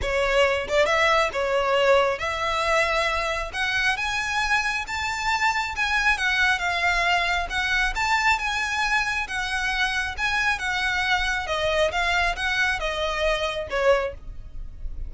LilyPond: \new Staff \with { instrumentName = "violin" } { \time 4/4 \tempo 4 = 136 cis''4. d''8 e''4 cis''4~ | cis''4 e''2. | fis''4 gis''2 a''4~ | a''4 gis''4 fis''4 f''4~ |
f''4 fis''4 a''4 gis''4~ | gis''4 fis''2 gis''4 | fis''2 dis''4 f''4 | fis''4 dis''2 cis''4 | }